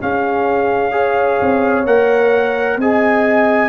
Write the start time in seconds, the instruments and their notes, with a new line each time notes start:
0.00 trombone C#4, tuba C#4, horn G#4, trumpet F5
0.92 trombone G#4, horn C#5
1.42 tuba C4
1.86 tuba A#3, trombone A#4, trumpet F#5
2.77 tuba C4, trombone G#4, horn D#5, trumpet G#5